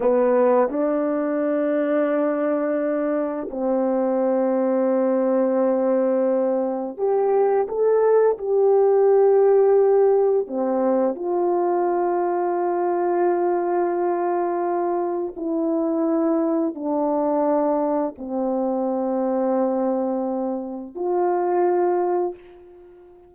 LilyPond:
\new Staff \with { instrumentName = "horn" } { \time 4/4 \tempo 4 = 86 b4 d'2.~ | d'4 c'2.~ | c'2 g'4 a'4 | g'2. c'4 |
f'1~ | f'2 e'2 | d'2 c'2~ | c'2 f'2 | }